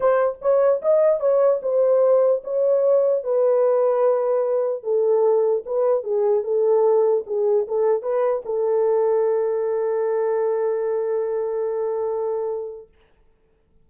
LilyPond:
\new Staff \with { instrumentName = "horn" } { \time 4/4 \tempo 4 = 149 c''4 cis''4 dis''4 cis''4 | c''2 cis''2 | b'1 | a'2 b'4 gis'4 |
a'2 gis'4 a'4 | b'4 a'2.~ | a'1~ | a'1 | }